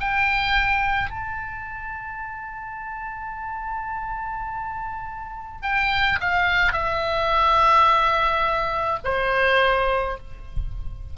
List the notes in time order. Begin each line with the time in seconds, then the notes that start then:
0.00 G5
1.10 A5
5.62 G5
6.21 F5
6.73 E5
9.04 C5